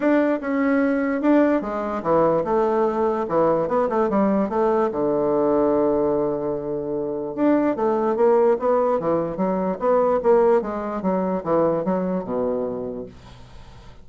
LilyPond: \new Staff \with { instrumentName = "bassoon" } { \time 4/4 \tempo 4 = 147 d'4 cis'2 d'4 | gis4 e4 a2 | e4 b8 a8 g4 a4 | d1~ |
d2 d'4 a4 | ais4 b4 e4 fis4 | b4 ais4 gis4 fis4 | e4 fis4 b,2 | }